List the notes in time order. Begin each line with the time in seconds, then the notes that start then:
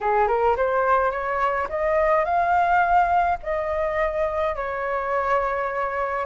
0.01 G#4
0.27 A#4
0.56 C5
1.11 C#5
1.69 D#5
2.24 F5
3.42 D#5
4.55 C#5